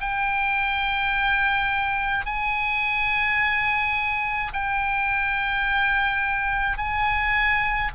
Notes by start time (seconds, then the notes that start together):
0.00 G5
2.25 G#5
4.53 G5
6.77 G#5